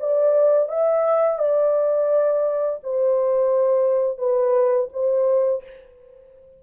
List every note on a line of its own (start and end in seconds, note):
0.00 0.69 D5
0.69 1.39 E5
1.39 2.80 D5
2.84 4.18 C5
4.18 4.89 B4
4.93 5.63 C5